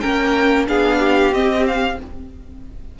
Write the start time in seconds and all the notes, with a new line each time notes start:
0.00 A#3 C#4 A#4 G5
0.67 B3 D4 G#4 F5
0.99 G4
1.31 C4 D#5
1.67 F5